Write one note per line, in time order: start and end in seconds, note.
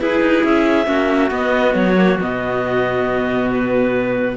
0.00 0.85 E4
0.00 0.20 E4
0.00 0.87 G#4
0.00 0.44 B4
0.20 0.42 D#4
0.43 0.87 C#4
0.43 1.31 E5
0.85 1.30 A#3
0.85 1.29 C#4
0.85 4.36 F#4
1.30 1.95 B3
1.30 1.74 B3
1.30 1.74 D#5
1.74 2.18 F#3
1.74 2.18 C#5
1.97 2.19 A#3
2.20 4.36 B2
2.20 4.36 B3
2.20 3.51 D#5
3.51 4.36 B4